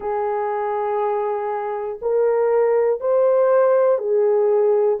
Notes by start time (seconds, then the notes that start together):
0.00 G#4
2.01 A#4
3.00 C5
3.98 G#4